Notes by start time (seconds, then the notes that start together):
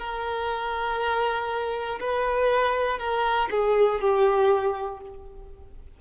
0.00 A#4
2.00 B4
3.00 A#4
3.51 G#4
4.01 G4